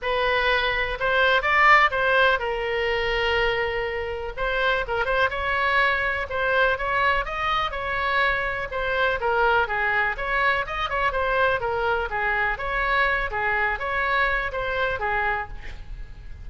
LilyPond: \new Staff \with { instrumentName = "oboe" } { \time 4/4 \tempo 4 = 124 b'2 c''4 d''4 | c''4 ais'2.~ | ais'4 c''4 ais'8 c''8 cis''4~ | cis''4 c''4 cis''4 dis''4 |
cis''2 c''4 ais'4 | gis'4 cis''4 dis''8 cis''8 c''4 | ais'4 gis'4 cis''4. gis'8~ | gis'8 cis''4. c''4 gis'4 | }